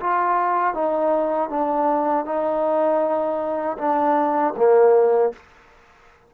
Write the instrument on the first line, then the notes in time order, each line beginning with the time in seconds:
trombone
0.00 F4
0.74 D#4
1.49 D4
2.25 D#4
3.78 D4
4.57 A#3